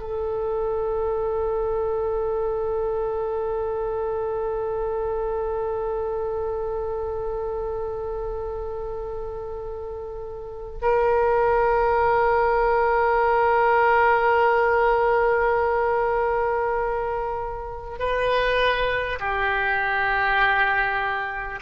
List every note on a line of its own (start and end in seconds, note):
0.00 10.80 A4
10.82 17.99 A#4
17.99 19.19 B4
19.20 21.60 G4